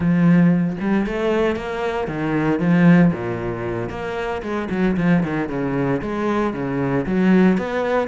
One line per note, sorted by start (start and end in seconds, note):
0.00 0.76 F3
0.80 1.06 G3
1.06 1.56 A3
1.56 2.07 A#3
2.07 2.59 D#3
2.59 3.11 F3
3.13 3.89 A#2
3.89 4.42 A#3
4.42 4.68 G#3
4.70 4.96 F#3
4.97 5.23 F3
5.23 5.49 D#3
5.49 6.01 C#3
6.01 6.53 G#3
6.53 7.05 C#3
7.06 7.57 F#3
7.57 8.08 B3